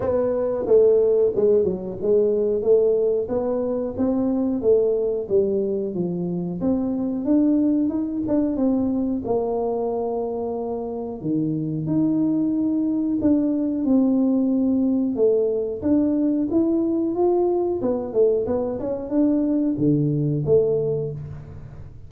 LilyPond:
\new Staff \with { instrumentName = "tuba" } { \time 4/4 \tempo 4 = 91 b4 a4 gis8 fis8 gis4 | a4 b4 c'4 a4 | g4 f4 c'4 d'4 | dis'8 d'8 c'4 ais2~ |
ais4 dis4 dis'2 | d'4 c'2 a4 | d'4 e'4 f'4 b8 a8 | b8 cis'8 d'4 d4 a4 | }